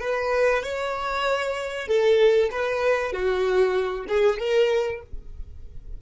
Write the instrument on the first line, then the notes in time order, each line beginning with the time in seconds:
violin
0.00 B4
0.63 C#5
1.87 A4
2.51 B4
3.12 F#4
4.08 G#4
4.39 A#4